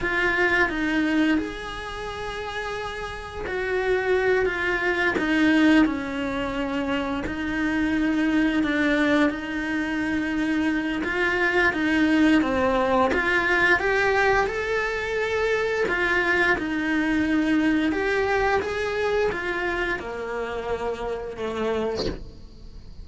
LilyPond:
\new Staff \with { instrumentName = "cello" } { \time 4/4 \tempo 4 = 87 f'4 dis'4 gis'2~ | gis'4 fis'4. f'4 dis'8~ | dis'8 cis'2 dis'4.~ | dis'8 d'4 dis'2~ dis'8 |
f'4 dis'4 c'4 f'4 | g'4 a'2 f'4 | dis'2 g'4 gis'4 | f'4 ais2 a4 | }